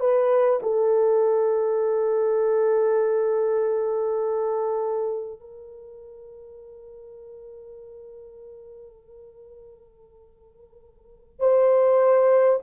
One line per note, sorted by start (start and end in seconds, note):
0.00 0.60 B4
0.63 5.40 A4
5.40 11.40 A#4
11.40 12.60 C5